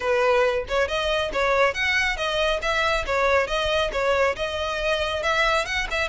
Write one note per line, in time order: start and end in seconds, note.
0.00 0.65 B4
0.68 0.88 C#5
0.88 1.31 D#5
1.32 1.74 C#5
1.74 2.16 F#5
2.16 2.60 D#5
2.61 3.05 E5
3.06 3.47 C#5
3.47 3.90 D#5
3.92 4.35 C#5
4.36 5.22 D#5
5.22 5.65 E5
5.65 5.87 F#5
5.90 6.08 E5